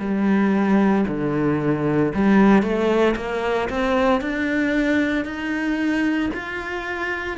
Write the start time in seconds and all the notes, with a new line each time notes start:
0.00 G3
1.08 D3
2.15 G3
2.63 A3
3.17 A#3
3.70 C4
4.21 D4
5.25 D#4
6.34 F4